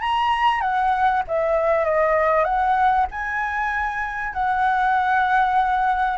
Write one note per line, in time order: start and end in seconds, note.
0.00 0.60 A#5
0.60 1.22 F#5
1.27 1.84 E5
1.84 2.44 D#5
2.44 3.06 F#5
3.11 4.33 G#5
4.33 6.17 F#5